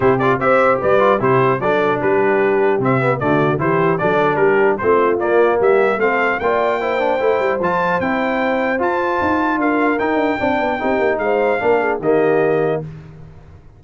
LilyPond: <<
  \new Staff \with { instrumentName = "trumpet" } { \time 4/4 \tempo 4 = 150 c''8 d''8 e''4 d''4 c''4 | d''4 b'2 e''4 | d''4 c''4 d''4 ais'4 | c''4 d''4 e''4 f''4 |
g''2. a''4 | g''2 a''2 | f''4 g''2. | f''2 dis''2 | }
  \new Staff \with { instrumentName = "horn" } { \time 4/4 g'4 c''4 b'4 g'4 | a'4 g'2. | fis'4 g'4 a'4 g'4 | f'2 g'4 a'4 |
d''4 c''2.~ | c''1 | ais'2 d''4 g'4 | c''4 ais'8 gis'8 g'2 | }
  \new Staff \with { instrumentName = "trombone" } { \time 4/4 e'8 f'8 g'4. f'8 e'4 | d'2. c'8 b8 | a4 e'4 d'2 | c'4 ais2 c'4 |
f'4 e'8 d'8 e'4 f'4 | e'2 f'2~ | f'4 dis'4 d'4 dis'4~ | dis'4 d'4 ais2 | }
  \new Staff \with { instrumentName = "tuba" } { \time 4/4 c4 c'4 g4 c4 | fis4 g2 c4 | d4 e4 fis4 g4 | a4 ais4 g4 a4 |
ais2 a8 g8 f4 | c'2 f'4 dis'4 | d'4 dis'8 d'8 c'8 b8 c'8 ais8 | gis4 ais4 dis2 | }
>>